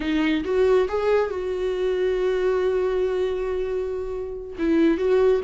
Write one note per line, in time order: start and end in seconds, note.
0.00 0.43 D#4
0.44 0.87 F#4
0.88 1.30 G#4
1.30 4.56 F#4
4.58 4.97 E4
4.97 5.41 F#4